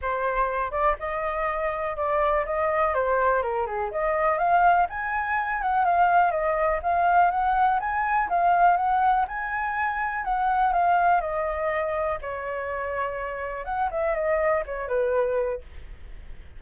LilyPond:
\new Staff \with { instrumentName = "flute" } { \time 4/4 \tempo 4 = 123 c''4. d''8 dis''2 | d''4 dis''4 c''4 ais'8 gis'8 | dis''4 f''4 gis''4. fis''8 | f''4 dis''4 f''4 fis''4 |
gis''4 f''4 fis''4 gis''4~ | gis''4 fis''4 f''4 dis''4~ | dis''4 cis''2. | fis''8 e''8 dis''4 cis''8 b'4. | }